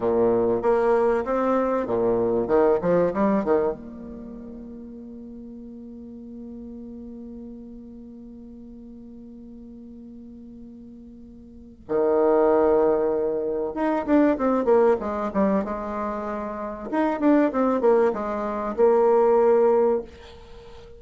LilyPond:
\new Staff \with { instrumentName = "bassoon" } { \time 4/4 \tempo 4 = 96 ais,4 ais4 c'4 ais,4 | dis8 f8 g8 dis8 ais2~ | ais1~ | ais1~ |
ais2. dis4~ | dis2 dis'8 d'8 c'8 ais8 | gis8 g8 gis2 dis'8 d'8 | c'8 ais8 gis4 ais2 | }